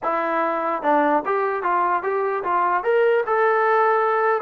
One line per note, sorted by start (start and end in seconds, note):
0.03 0.82 E4
0.82 1.23 D4
1.25 1.63 G4
1.63 2.02 F4
2.02 2.43 G4
2.43 2.83 F4
2.83 3.24 A#4
3.26 4.41 A4